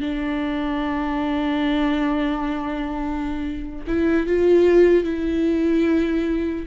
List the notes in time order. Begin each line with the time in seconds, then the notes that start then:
0.00 D4
3.87 E4
4.26 F4
5.04 E4